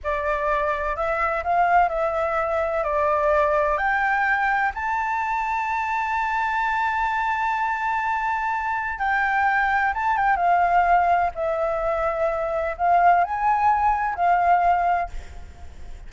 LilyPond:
\new Staff \with { instrumentName = "flute" } { \time 4/4 \tempo 4 = 127 d''2 e''4 f''4 | e''2 d''2 | g''2 a''2~ | a''1~ |
a''2. g''4~ | g''4 a''8 g''8 f''2 | e''2. f''4 | gis''2 f''2 | }